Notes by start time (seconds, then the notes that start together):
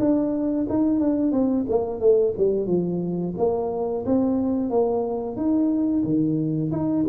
0.00 D4
0.70 D#4
1.00 D4
1.32 C4
1.70 A#3
2.00 A3
2.37 G3
2.67 F3
3.38 A#3
4.06 C4
4.71 A#3
5.37 D#4
6.04 D#3
6.72 D#4